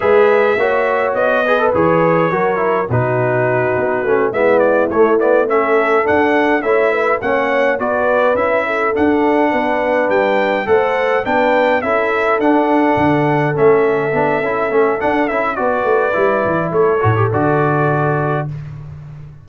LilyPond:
<<
  \new Staff \with { instrumentName = "trumpet" } { \time 4/4 \tempo 4 = 104 e''2 dis''4 cis''4~ | cis''4 b'2~ b'8 e''8 | d''8 cis''8 d''8 e''4 fis''4 e''8~ | e''8 fis''4 d''4 e''4 fis''8~ |
fis''4. g''4 fis''4 g''8~ | g''8 e''4 fis''2 e''8~ | e''2 fis''8 e''8 d''4~ | d''4 cis''4 d''2 | }
  \new Staff \with { instrumentName = "horn" } { \time 4/4 b'4 cis''4. b'4. | ais'4 fis'2~ fis'8 e'8~ | e'4. a'2 cis''8 | b'8 cis''4 b'4. a'4~ |
a'8 b'2 c''4 b'8~ | b'8 a'2.~ a'8~ | a'2. b'4~ | b'4 a'2. | }
  \new Staff \with { instrumentName = "trombone" } { \time 4/4 gis'4 fis'4. gis'16 a'16 gis'4 | fis'8 e'8 dis'2 cis'8 b8~ | b8 a8 b8 cis'4 d'4 e'8~ | e'8 cis'4 fis'4 e'4 d'8~ |
d'2~ d'8 a'4 d'8~ | d'8 e'4 d'2 cis'8~ | cis'8 d'8 e'8 cis'8 d'8 e'8 fis'4 | e'4. fis'16 g'16 fis'2 | }
  \new Staff \with { instrumentName = "tuba" } { \time 4/4 gis4 ais4 b4 e4 | fis4 b,4. b8 a8 gis8~ | gis8 a2 d'4 a8~ | a8 ais4 b4 cis'4 d'8~ |
d'8 b4 g4 a4 b8~ | b8 cis'4 d'4 d4 a8~ | a8 b8 cis'8 a8 d'8 cis'8 b8 a8 | g8 e8 a8 a,8 d2 | }
>>